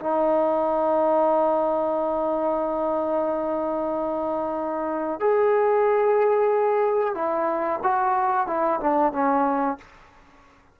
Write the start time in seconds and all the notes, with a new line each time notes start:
0.00 D#4
5.20 G#4
7.15 E4
7.83 F#4
8.47 E4
8.80 D4
9.13 C#4